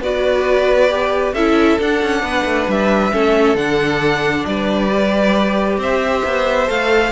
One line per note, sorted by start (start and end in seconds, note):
0.00 1.33 B3
0.00 0.89 F#4
0.00 1.33 B4
0.00 1.34 D5
0.89 1.34 G4
1.33 1.77 C#4
1.33 1.79 E4
1.33 2.22 A4
1.33 1.78 E5
1.79 3.11 D4
1.79 2.02 D4
1.79 2.70 F#5
2.02 2.22 C#4
2.22 2.44 B3
2.22 3.13 B4
2.44 2.67 A3
2.68 3.12 G3
2.68 3.56 E5
3.11 3.55 A3
3.11 3.56 C#4
3.11 4.46 A4
3.55 4.44 D3
3.55 4.90 D4
3.55 4.45 F#5
4.45 5.77 G3
4.45 5.79 B4
4.45 5.79 D5
4.90 6.67 G4
5.77 6.22 C4
5.77 7.12 C5
5.77 6.69 E5
6.24 6.68 B3
6.67 7.12 A3
6.67 7.11 A4
6.67 7.12 F5